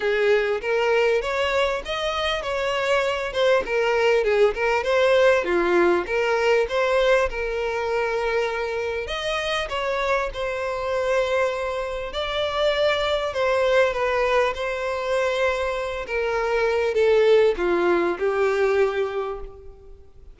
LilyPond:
\new Staff \with { instrumentName = "violin" } { \time 4/4 \tempo 4 = 99 gis'4 ais'4 cis''4 dis''4 | cis''4. c''8 ais'4 gis'8 ais'8 | c''4 f'4 ais'4 c''4 | ais'2. dis''4 |
cis''4 c''2. | d''2 c''4 b'4 | c''2~ c''8 ais'4. | a'4 f'4 g'2 | }